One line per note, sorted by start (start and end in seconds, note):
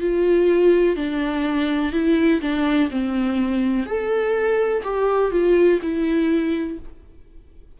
0.00 0.96 F4
0.96 1.92 D4
1.92 2.41 E4
2.41 2.89 D4
2.90 3.86 C4
3.86 4.83 A4
4.83 5.31 G4
5.31 5.79 F4
5.82 6.78 E4